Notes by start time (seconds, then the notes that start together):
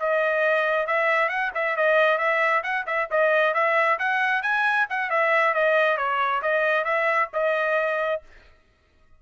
0.00 D#5
0.87 E5
1.29 F#5
1.55 E5
1.77 D#5
2.19 E5
2.64 F#5
2.87 E5
3.11 D#5
3.54 E5
3.99 F#5
4.43 G#5
4.90 F#5
5.11 E5
5.54 D#5
5.98 C#5
6.43 D#5
6.85 E5
7.34 D#5